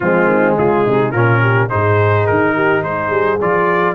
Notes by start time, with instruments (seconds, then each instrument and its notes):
0.00 tuba F3, trombone G#3, horn C4, trumpet F4
0.25 tuba D#3
0.57 tuba C#3, horn F4, trumpet G#4
0.84 tuba C3, horn D#4
1.11 tuba A#2, trombone C#4, horn F4, trumpet A#4
1.40 horn G4
1.69 tuba G#2, trombone D#4, horn G#4, trumpet C5
2.26 tuba D#3, trumpet A#4
2.55 horn G4
2.82 tuba G#3, horn G#4, trumpet C5
3.10 tuba G3
3.41 tuba F3, trombone F4, trumpet D5